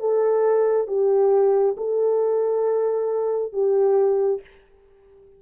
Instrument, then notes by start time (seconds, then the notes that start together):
horn
0.00 A4
0.88 G4
1.77 A4
3.53 G4